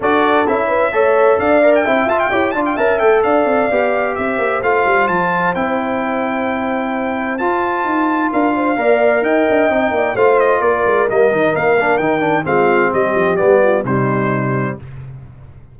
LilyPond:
<<
  \new Staff \with { instrumentName = "trumpet" } { \time 4/4 \tempo 4 = 130 d''4 e''2 f''8. g''16~ | g''8 a''16 g''8. a''16 g''16 a''8 g''8 f''4~ | f''4 e''4 f''4 a''4 | g''1 |
a''2 f''2 | g''2 f''8 dis''8 d''4 | dis''4 f''4 g''4 f''4 | dis''4 d''4 c''2 | }
  \new Staff \with { instrumentName = "horn" } { \time 4/4 a'4. b'8 cis''4 d''4 | e''4 cis''8 d''8 e''4 d''4~ | d''4 c''2.~ | c''1~ |
c''2 ais'8 c''8 d''4 | dis''4. d''8 c''4 ais'4~ | ais'2. f'4 | g'4. f'8 dis'2 | }
  \new Staff \with { instrumentName = "trombone" } { \time 4/4 fis'4 e'4 a'4. ais'8 | e'8 f'8 g'8 f'8 ais'8 a'4. | g'2 f'2 | e'1 |
f'2. ais'4~ | ais'4 dis'4 f'2 | ais8 dis'4 d'8 dis'8 d'8 c'4~ | c'4 b4 g2 | }
  \new Staff \with { instrumentName = "tuba" } { \time 4/4 d'4 cis'4 a4 d'4 | c'8 f'8 e'8 d'8 cis'8 a8 d'8 c'8 | b4 c'8 ais8 a8 g8 f4 | c'1 |
f'4 dis'4 d'4 ais4 | dis'8 d'8 c'8 ais8 a4 ais8 gis8 | g8 dis8 ais4 dis4 gis4 | g8 f8 g4 c2 | }
>>